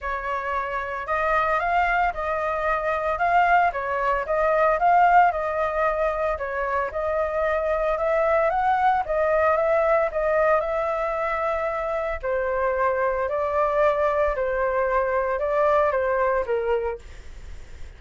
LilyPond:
\new Staff \with { instrumentName = "flute" } { \time 4/4 \tempo 4 = 113 cis''2 dis''4 f''4 | dis''2 f''4 cis''4 | dis''4 f''4 dis''2 | cis''4 dis''2 e''4 |
fis''4 dis''4 e''4 dis''4 | e''2. c''4~ | c''4 d''2 c''4~ | c''4 d''4 c''4 ais'4 | }